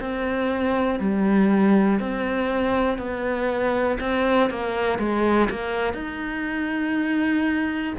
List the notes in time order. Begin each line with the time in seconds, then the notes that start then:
0.00 C4
0.99 G3
2.00 C4
2.98 B3
4.00 C4
4.50 A#3
4.98 G#3
5.50 A#3
5.93 D#4